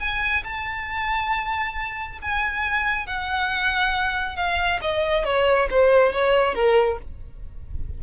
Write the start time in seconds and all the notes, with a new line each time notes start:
0.00 G#5
0.44 A5
2.22 G#5
3.07 F#5
4.36 F5
4.82 D#5
5.25 C#5
5.71 C5
6.13 C#5
6.55 A#4